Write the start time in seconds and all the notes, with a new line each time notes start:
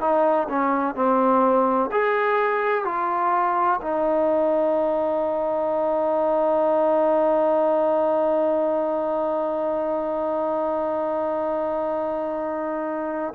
0.00 D#4
0.49 C#4
0.95 C4
1.91 G#4
2.85 F4
3.81 D#4